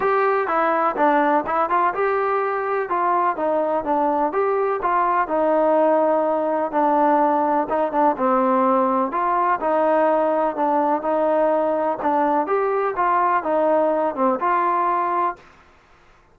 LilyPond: \new Staff \with { instrumentName = "trombone" } { \time 4/4 \tempo 4 = 125 g'4 e'4 d'4 e'8 f'8 | g'2 f'4 dis'4 | d'4 g'4 f'4 dis'4~ | dis'2 d'2 |
dis'8 d'8 c'2 f'4 | dis'2 d'4 dis'4~ | dis'4 d'4 g'4 f'4 | dis'4. c'8 f'2 | }